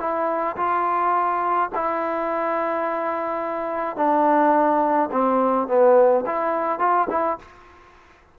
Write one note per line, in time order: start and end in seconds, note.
0.00 0.57 E4
0.57 1.70 F4
1.75 3.97 E4
3.97 5.10 D4
5.12 5.68 C4
5.68 6.25 B3
6.27 6.80 E4
6.80 7.08 F4
7.11 7.39 E4